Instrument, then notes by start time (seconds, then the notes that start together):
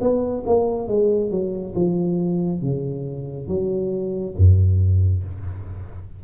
tuba
0.00 B3
0.46 A#3
0.88 G#3
1.30 F#3
1.75 F3
2.61 C#3
3.48 F#3
4.37 F#2